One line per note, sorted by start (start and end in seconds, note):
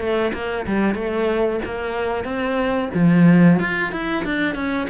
0.00 0.33 A3
0.33 0.66 A#3
0.67 0.95 G3
0.95 1.60 A3
1.65 2.24 A#3
2.24 2.90 C4
2.94 3.59 F3
3.59 3.92 F4
3.92 4.24 E4
4.25 4.55 D4
4.55 4.88 C#4